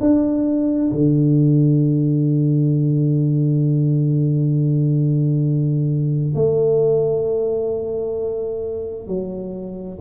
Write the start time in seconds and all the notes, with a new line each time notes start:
0.00 D4
0.91 D3
6.34 A3
9.07 F#3